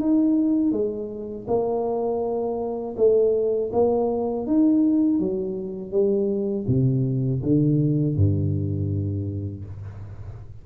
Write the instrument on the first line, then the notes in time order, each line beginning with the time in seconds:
tuba
0.00 D#4
0.72 G#3
1.47 A#3
2.97 A3
3.73 A#3
4.47 D#4
5.20 F#3
5.92 G3
6.68 C3
7.43 D3
8.16 G2